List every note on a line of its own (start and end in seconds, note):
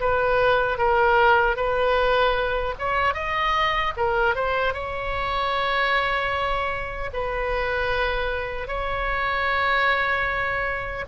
0.00 0.78 B4
0.78 1.56 A#4
1.56 2.75 B4
2.79 3.14 C#5
3.14 3.93 D#5
3.97 4.35 A#4
4.35 4.73 C5
4.73 7.10 C#5
7.13 8.68 B4
8.68 11.05 C#5